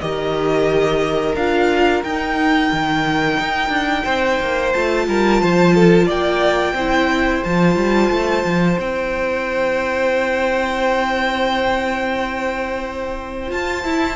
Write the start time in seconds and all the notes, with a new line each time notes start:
0.00 D#3 G4 A#4 D#5
1.34 D4 F4 F5
2.03 D#4 G5
2.72 D#3
3.40 D#4
3.69 D4
4.04 C4 C5
4.40 A#3
4.73 A3 F4 A5
5.08 G3 A#4
5.41 F3 C5
5.74 A4
6.06 A#3 D5 G5
6.73 C4 E4 C5
7.43 F3 F4 A5
7.76 G3
8.10 A3
8.44 F3
8.77 C4 E4 G5
13.48 F4 A5
13.84 E4